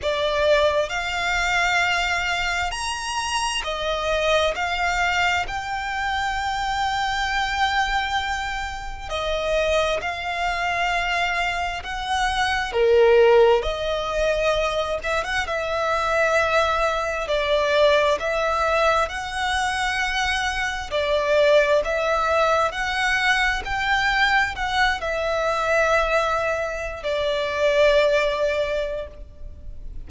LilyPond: \new Staff \with { instrumentName = "violin" } { \time 4/4 \tempo 4 = 66 d''4 f''2 ais''4 | dis''4 f''4 g''2~ | g''2 dis''4 f''4~ | f''4 fis''4 ais'4 dis''4~ |
dis''8 e''16 fis''16 e''2 d''4 | e''4 fis''2 d''4 | e''4 fis''4 g''4 fis''8 e''8~ | e''4.~ e''16 d''2~ d''16 | }